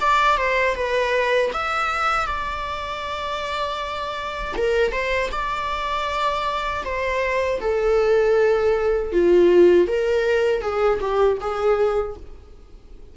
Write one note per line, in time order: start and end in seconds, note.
0.00 0.37 D5
0.37 0.75 C5
0.75 1.51 B4
1.53 2.26 E5
2.26 4.54 D5
4.57 4.92 A#4
4.92 5.30 C5
5.31 6.83 D5
6.84 7.60 C5
7.60 9.12 A4
9.12 9.87 F4
9.87 10.61 A#4
10.61 10.99 G#4
11.00 11.38 G4
11.40 12.16 G#4